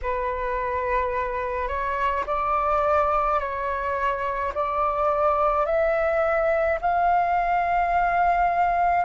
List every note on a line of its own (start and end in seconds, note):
0.02 1.67 B4
1.67 2.24 C#5
2.26 3.39 D5
3.39 4.52 C#5
4.54 5.65 D5
5.65 6.78 E5
6.81 9.05 F5